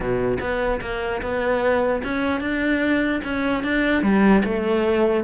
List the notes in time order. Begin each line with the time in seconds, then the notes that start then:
0.00 B2
0.40 B3
0.81 A#3
1.22 B3
2.03 C#4
2.40 D4
3.23 C#4
3.63 D4
4.02 G3
4.44 A3